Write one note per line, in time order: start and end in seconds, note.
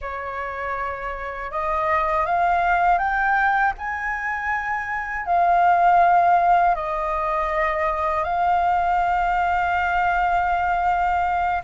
0.01 1.51 C#5
1.51 2.25 D#5
2.25 2.98 F5
2.98 3.73 G5
3.77 5.26 G#5
5.26 6.75 F5
6.75 8.24 D#5
8.24 11.61 F5